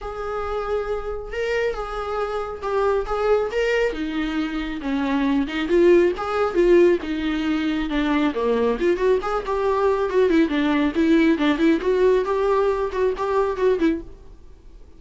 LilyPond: \new Staff \with { instrumentName = "viola" } { \time 4/4 \tempo 4 = 137 gis'2. ais'4 | gis'2 g'4 gis'4 | ais'4 dis'2 cis'4~ | cis'8 dis'8 f'4 gis'4 f'4 |
dis'2 d'4 ais4 | f'8 fis'8 gis'8 g'4. fis'8 e'8 | d'4 e'4 d'8 e'8 fis'4 | g'4. fis'8 g'4 fis'8 e'8 | }